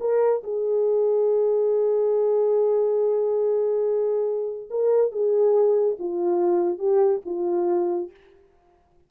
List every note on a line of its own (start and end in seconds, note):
0.00 0.43 A#4
0.43 4.69 G#4
4.70 5.11 A#4
5.11 5.97 G#4
5.99 6.78 F4
6.78 7.21 G4
7.25 8.10 F4